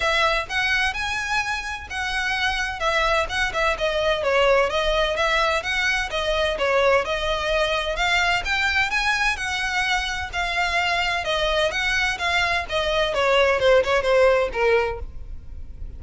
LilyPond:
\new Staff \with { instrumentName = "violin" } { \time 4/4 \tempo 4 = 128 e''4 fis''4 gis''2 | fis''2 e''4 fis''8 e''8 | dis''4 cis''4 dis''4 e''4 | fis''4 dis''4 cis''4 dis''4~ |
dis''4 f''4 g''4 gis''4 | fis''2 f''2 | dis''4 fis''4 f''4 dis''4 | cis''4 c''8 cis''8 c''4 ais'4 | }